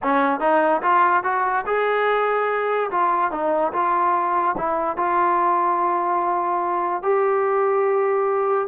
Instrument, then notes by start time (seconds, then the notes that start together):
trombone
0.02 C#4
0.40 D#4
0.82 F4
1.23 F#4
1.66 G#4
2.90 F4
3.31 D#4
3.72 F4
4.57 E4
4.96 F4
7.02 G4